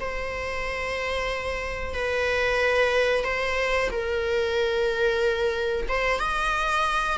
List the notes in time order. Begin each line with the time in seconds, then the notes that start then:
0.00 C5
1.94 B4
3.24 C5
3.91 A#4
5.88 C5
6.19 D#5